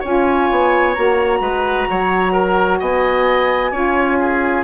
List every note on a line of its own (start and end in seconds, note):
0.00 0.50 C#4
0.00 0.95 F4
0.00 1.38 C#5
0.00 0.94 G#5
0.50 0.97 B3
0.94 1.40 A#3
0.94 3.72 F#4
0.94 2.79 A#5
1.40 1.86 G#3
1.40 1.88 B4
1.90 2.81 F#3
1.90 2.32 C#5
2.32 2.79 A#4
2.80 3.72 B3
2.80 3.71 D#5
2.80 4.63 G#5
3.71 4.63 C#4
3.71 4.63 F4
3.71 4.17 C#5
4.20 4.63 G#4